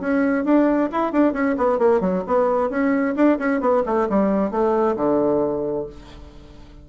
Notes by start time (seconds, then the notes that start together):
0.00 C#4
0.44 D4
0.92 E4
1.12 D4
1.33 C#4
1.57 B3
1.78 A#3
2.01 F#3
2.27 B3
2.70 C#4
3.16 D4
3.38 C#4
3.60 B3
3.86 A3
4.09 G3
4.51 A3
4.96 D3